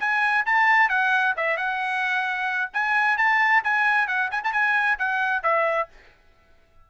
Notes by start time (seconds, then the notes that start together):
0.00 G#5
0.46 A5
0.89 F#5
1.37 E5
1.57 F#5
2.74 G#5
3.18 A5
3.64 G#5
4.08 F#5
4.31 G#5
4.44 A5
4.53 G#5
4.99 F#5
5.43 E5